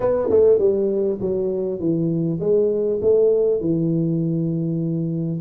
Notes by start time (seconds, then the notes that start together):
0.00 B3
0.30 A3
0.58 G3
1.20 F#3
1.79 E3
2.39 G#3
3.01 A3
3.60 E3